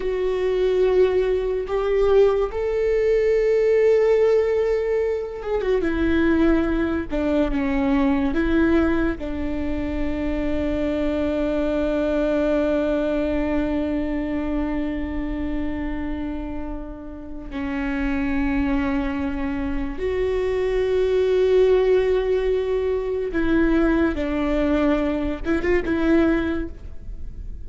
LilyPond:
\new Staff \with { instrumentName = "viola" } { \time 4/4 \tempo 4 = 72 fis'2 g'4 a'4~ | a'2~ a'8 gis'16 fis'16 e'4~ | e'8 d'8 cis'4 e'4 d'4~ | d'1~ |
d'1~ | d'4 cis'2. | fis'1 | e'4 d'4. e'16 f'16 e'4 | }